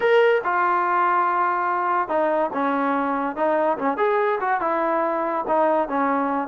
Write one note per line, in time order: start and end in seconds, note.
0.00 0.41 A#4
0.43 2.08 F4
2.08 2.50 D#4
2.53 3.35 C#4
3.35 3.77 D#4
3.78 3.97 C#4
3.97 4.39 G#4
4.40 4.60 F#4
4.60 5.44 E4
5.47 5.88 D#4
5.88 6.48 C#4